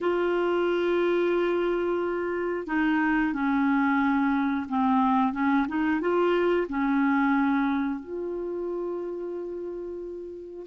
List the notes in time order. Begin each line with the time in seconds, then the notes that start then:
0.00 F4
2.66 D#4
3.33 C#4
4.68 C4
5.32 C#4
5.68 D#4
6.00 F4
6.68 C#4
7.99 F4